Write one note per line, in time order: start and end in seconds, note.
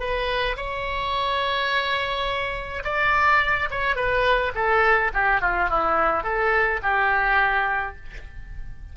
0.00 0.57 B4
0.57 2.83 C#5
2.84 3.69 D5
3.71 3.96 C#5
3.96 4.53 B4
4.55 5.12 A4
5.14 5.42 G4
5.42 5.70 F4
5.70 6.24 E4
6.24 6.80 A4
6.83 7.96 G4